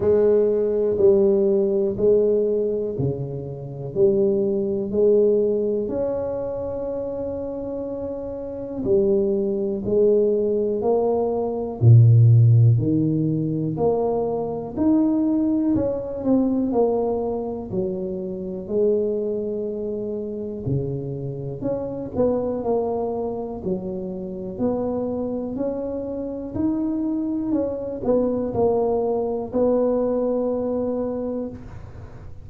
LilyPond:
\new Staff \with { instrumentName = "tuba" } { \time 4/4 \tempo 4 = 61 gis4 g4 gis4 cis4 | g4 gis4 cis'2~ | cis'4 g4 gis4 ais4 | ais,4 dis4 ais4 dis'4 |
cis'8 c'8 ais4 fis4 gis4~ | gis4 cis4 cis'8 b8 ais4 | fis4 b4 cis'4 dis'4 | cis'8 b8 ais4 b2 | }